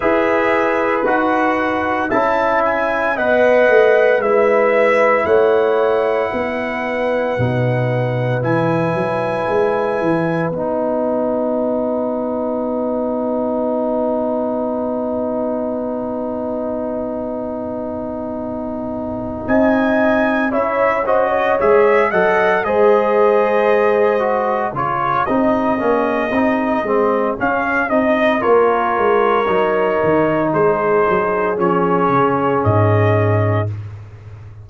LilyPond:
<<
  \new Staff \with { instrumentName = "trumpet" } { \time 4/4 \tempo 4 = 57 e''4 fis''4 a''8 gis''8 fis''4 | e''4 fis''2. | gis''2 fis''2~ | fis''1~ |
fis''2~ fis''8 gis''4 e''8 | dis''8 e''8 fis''8 dis''2 cis''8 | dis''2 f''8 dis''8 cis''4~ | cis''4 c''4 cis''4 dis''4 | }
  \new Staff \with { instrumentName = "horn" } { \time 4/4 b'2 e''4 dis''4 | b'4 cis''4 b'2~ | b'1~ | b'1~ |
b'2~ b'8 dis''4 cis''8 | c''16 cis''8. dis''8 c''2 gis'8~ | gis'2. ais'4~ | ais'4 gis'2. | }
  \new Staff \with { instrumentName = "trombone" } { \time 4/4 gis'4 fis'4 e'4 b'4 | e'2. dis'4 | e'2 dis'2~ | dis'1~ |
dis'2.~ dis'8 e'8 | fis'8 gis'8 a'8 gis'4. fis'8 f'8 | dis'8 cis'8 dis'8 c'8 cis'8 dis'8 f'4 | dis'2 cis'2 | }
  \new Staff \with { instrumentName = "tuba" } { \time 4/4 e'4 dis'4 cis'4 b8 a8 | gis4 a4 b4 b,4 | e8 fis8 gis8 e8 b2~ | b1~ |
b2~ b8 c'4 cis'8~ | cis'8 gis8 fis8 gis2 cis8 | c'8 ais8 c'8 gis8 cis'8 c'8 ais8 gis8 | fis8 dis8 gis8 fis8 f8 cis8 gis,4 | }
>>